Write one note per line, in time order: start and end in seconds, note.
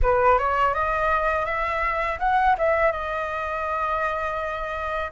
0.02 0.38 B4
0.38 0.74 C#5
0.74 1.45 D#5
1.45 2.18 E5
2.19 2.55 F#5
2.57 2.92 E5
2.92 5.11 D#5